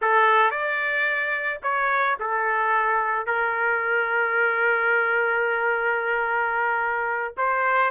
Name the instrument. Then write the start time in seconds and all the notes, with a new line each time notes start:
trumpet
0.01 A4
0.51 D5
1.62 C#5
2.19 A4
3.26 A#4
7.37 C5